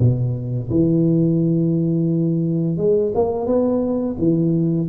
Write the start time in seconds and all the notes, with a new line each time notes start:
0.00 B2
0.70 E3
2.77 G#3
3.15 A#3
3.47 B3
4.19 E3